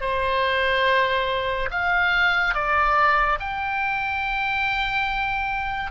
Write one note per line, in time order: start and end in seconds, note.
0.00 1.69 C5
1.70 2.54 F5
2.54 3.39 D5
3.39 5.91 G5